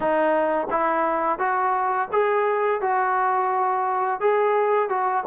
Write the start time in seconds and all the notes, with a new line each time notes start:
0.00 D#4
0.70 E4
1.38 F#4
2.12 G#4
2.81 F#4
4.20 G#4
4.89 F#4